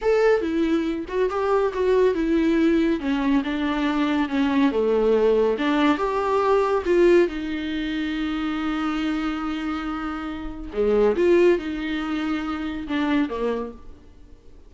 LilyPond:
\new Staff \with { instrumentName = "viola" } { \time 4/4 \tempo 4 = 140 a'4 e'4. fis'8 g'4 | fis'4 e'2 cis'4 | d'2 cis'4 a4~ | a4 d'4 g'2 |
f'4 dis'2.~ | dis'1~ | dis'4 gis4 f'4 dis'4~ | dis'2 d'4 ais4 | }